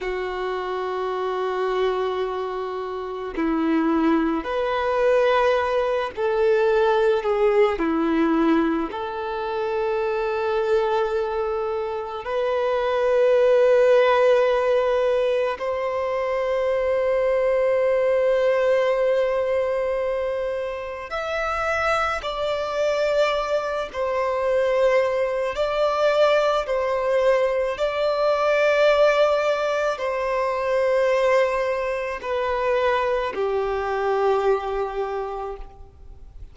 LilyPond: \new Staff \with { instrumentName = "violin" } { \time 4/4 \tempo 4 = 54 fis'2. e'4 | b'4. a'4 gis'8 e'4 | a'2. b'4~ | b'2 c''2~ |
c''2. e''4 | d''4. c''4. d''4 | c''4 d''2 c''4~ | c''4 b'4 g'2 | }